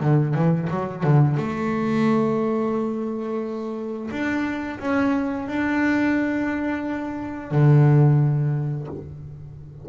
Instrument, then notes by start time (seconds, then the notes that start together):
double bass
0.00 D3
0.34 E3
0.69 F#3
1.03 D3
1.37 A3
4.11 D4
4.79 C#4
5.48 D4
7.51 D3